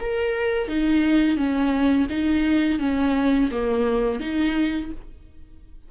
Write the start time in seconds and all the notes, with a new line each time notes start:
0.00 A#4
0.68 D#4
1.36 C#4
2.09 D#4
2.79 C#4
3.51 A#3
4.20 D#4